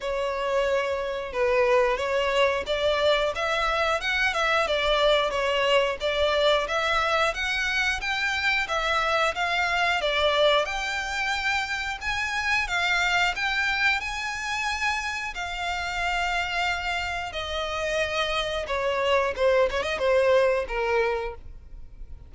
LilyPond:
\new Staff \with { instrumentName = "violin" } { \time 4/4 \tempo 4 = 90 cis''2 b'4 cis''4 | d''4 e''4 fis''8 e''8 d''4 | cis''4 d''4 e''4 fis''4 | g''4 e''4 f''4 d''4 |
g''2 gis''4 f''4 | g''4 gis''2 f''4~ | f''2 dis''2 | cis''4 c''8 cis''16 dis''16 c''4 ais'4 | }